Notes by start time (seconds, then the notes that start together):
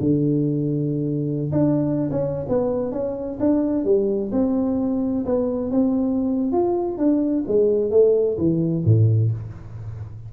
0.00 D3
1.52 D4
2.11 C#4
2.49 B3
2.92 C#4
3.40 D4
3.85 G3
4.32 C4
5.25 B3
5.71 C4
6.52 F4
6.98 D4
7.48 G#3
7.91 A3
8.38 E3
8.85 A2